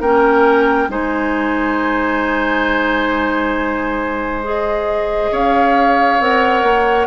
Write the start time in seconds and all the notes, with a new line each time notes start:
0.00 A#3 C#4 A#4 G5
0.88 G#3 D#4 C5 G#5
4.43 G#4 D#5
5.31 C#4 C#5 F5
6.19 C4 A#4 F#5
6.62 A#3